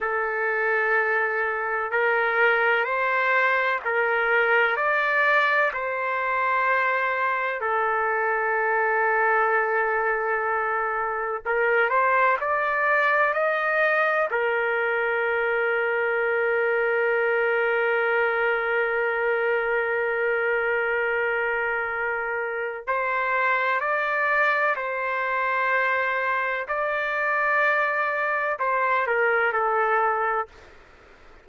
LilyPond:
\new Staff \with { instrumentName = "trumpet" } { \time 4/4 \tempo 4 = 63 a'2 ais'4 c''4 | ais'4 d''4 c''2 | a'1 | ais'8 c''8 d''4 dis''4 ais'4~ |
ais'1~ | ais'1 | c''4 d''4 c''2 | d''2 c''8 ais'8 a'4 | }